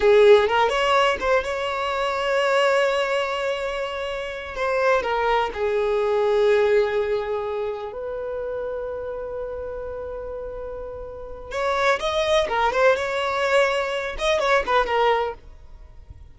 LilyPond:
\new Staff \with { instrumentName = "violin" } { \time 4/4 \tempo 4 = 125 gis'4 ais'8 cis''4 c''8 cis''4~ | cis''1~ | cis''4. c''4 ais'4 gis'8~ | gis'1~ |
gis'8 b'2.~ b'8~ | b'1 | cis''4 dis''4 ais'8 c''8 cis''4~ | cis''4. dis''8 cis''8 b'8 ais'4 | }